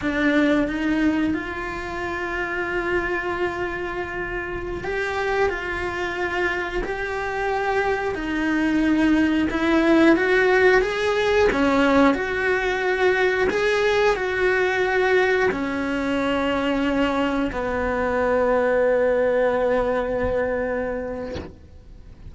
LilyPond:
\new Staff \with { instrumentName = "cello" } { \time 4/4 \tempo 4 = 90 d'4 dis'4 f'2~ | f'2.~ f'16 g'8.~ | g'16 f'2 g'4.~ g'16~ | g'16 dis'2 e'4 fis'8.~ |
fis'16 gis'4 cis'4 fis'4.~ fis'16~ | fis'16 gis'4 fis'2 cis'8.~ | cis'2~ cis'16 b4.~ b16~ | b1 | }